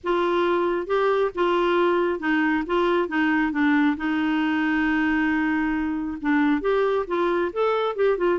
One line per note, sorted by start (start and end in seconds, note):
0.03 0.86 F4
0.86 1.30 G4
1.34 2.19 F4
2.19 2.63 D#4
2.66 3.08 F4
3.08 3.52 D#4
3.52 3.96 D4
3.97 6.17 D#4
6.21 6.61 D4
6.61 7.05 G4
7.07 7.51 F4
7.52 7.95 A4
7.95 8.17 G4
8.17 8.39 F4